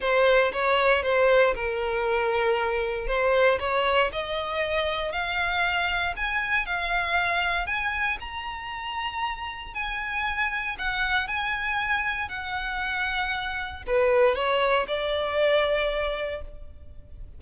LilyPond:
\new Staff \with { instrumentName = "violin" } { \time 4/4 \tempo 4 = 117 c''4 cis''4 c''4 ais'4~ | ais'2 c''4 cis''4 | dis''2 f''2 | gis''4 f''2 gis''4 |
ais''2. gis''4~ | gis''4 fis''4 gis''2 | fis''2. b'4 | cis''4 d''2. | }